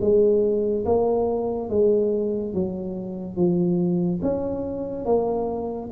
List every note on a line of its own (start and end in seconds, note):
0.00 0.85 G#3
0.85 1.69 A#3
1.69 2.53 G#3
2.53 3.36 F#3
3.36 4.20 F3
4.22 5.05 C#4
5.05 5.89 A#3